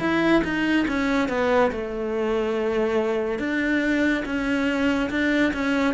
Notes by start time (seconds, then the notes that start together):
0.00 E4
0.45 D#4
0.88 C#4
1.29 B3
1.72 A3
3.40 D4
4.26 C#4
5.10 D4
5.54 C#4